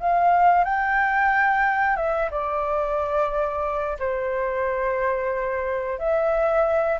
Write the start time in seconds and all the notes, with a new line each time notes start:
0.00 F5
0.64 G5
1.96 E5
2.31 D5
3.99 C5
5.99 E5